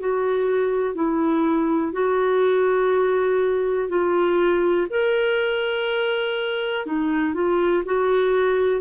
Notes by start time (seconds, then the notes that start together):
0.00 F#4
0.95 E4
1.93 F#4
3.89 F4
4.90 A#4
6.86 D#4
7.34 F4
7.86 F#4